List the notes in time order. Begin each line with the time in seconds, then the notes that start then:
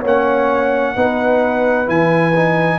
0.00 A#3 C#4 C#5
0.07 F#5
0.95 B3 D#4 B4
1.86 E3 E4 G#5
2.35 D#4